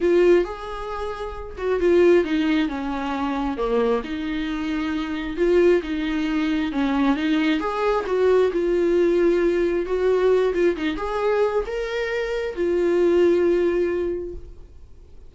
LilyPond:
\new Staff \with { instrumentName = "viola" } { \time 4/4 \tempo 4 = 134 f'4 gis'2~ gis'8 fis'8 | f'4 dis'4 cis'2 | ais4 dis'2. | f'4 dis'2 cis'4 |
dis'4 gis'4 fis'4 f'4~ | f'2 fis'4. f'8 | dis'8 gis'4. ais'2 | f'1 | }